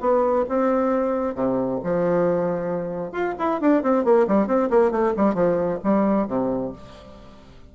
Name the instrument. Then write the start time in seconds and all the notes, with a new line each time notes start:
bassoon
0.00 B3
0.49 C4
1.35 C3
1.83 F3
3.11 F4
3.38 E4
3.60 D4
3.82 C4
4.04 A#3
4.27 G3
4.47 C4
4.70 A#3
4.91 A3
5.16 G3
5.34 F3
5.83 G3
6.27 C3